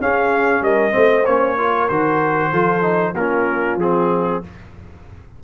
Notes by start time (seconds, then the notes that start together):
0.00 C#4 G#4 F5
0.61 G3 A#4 D#5
0.91 A3 C4 C5
1.25 A#3 C#4 C#5
1.57 F4 A#4
1.88 D#3 F#4 C5
2.51 F3 F4 A4
2.81 D#4
3.14 A#3 C#4 F4 A#4
3.75 F3 C4 G#4